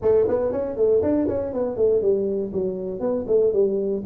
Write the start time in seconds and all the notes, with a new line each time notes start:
0.02 A3
0.28 B3
0.52 C#4
0.76 A3
1.02 D4
1.27 C#4
1.53 B3
1.76 A3
2.01 G3
2.52 F#3
3.00 B3
3.27 A3
3.52 G3